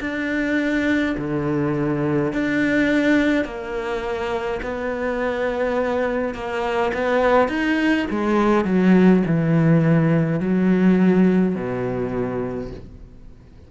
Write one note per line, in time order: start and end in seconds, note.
0.00 1.15 D4
1.17 2.32 D3
2.32 3.45 D4
3.45 4.60 A#3
4.62 6.34 B3
6.34 6.92 A#3
6.93 7.48 B3
7.48 8.06 D#4
8.10 8.64 G#3
8.64 9.22 F#3
9.26 10.40 E3
10.40 11.55 F#3
11.55 12.70 B2